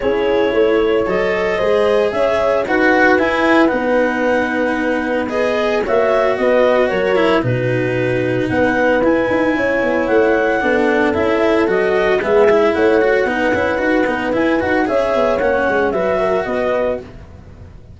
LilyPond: <<
  \new Staff \with { instrumentName = "clarinet" } { \time 4/4 \tempo 4 = 113 cis''2 dis''2 | e''4 fis''4 gis''4 fis''4~ | fis''2 dis''4 e''4 | dis''4 cis''4 b'2 |
fis''4 gis''2 fis''4~ | fis''4 e''4 dis''4 e''4 | fis''2. gis''8 fis''8 | e''4 fis''4 e''4 dis''4 | }
  \new Staff \with { instrumentName = "horn" } { \time 4/4 gis'4 cis''2 c''4 | cis''4 b'2.~ | b'2. cis''4 | b'4 ais'4 fis'2 |
b'2 cis''2 | a'2. gis'4 | cis''4 b'2. | cis''2 b'8 ais'8 b'4 | }
  \new Staff \with { instrumentName = "cello" } { \time 4/4 e'2 a'4 gis'4~ | gis'4 fis'4 e'4 dis'4~ | dis'2 gis'4 fis'4~ | fis'4. e'8 dis'2~ |
dis'4 e'2. | d'4 e'4 fis'4 b8 e'8~ | e'8 fis'8 dis'8 e'8 fis'8 dis'8 e'8 fis'8 | gis'4 cis'4 fis'2 | }
  \new Staff \with { instrumentName = "tuba" } { \time 4/4 cis'4 a4 fis4 gis4 | cis'4 dis'4 e'4 b4~ | b2. ais4 | b4 fis4 b,2 |
b4 e'8 dis'8 cis'8 b8 a4 | b4 cis'4 fis4 gis4 | a4 b8 cis'8 dis'8 b8 e'8 dis'8 | cis'8 b8 ais8 gis8 fis4 b4 | }
>>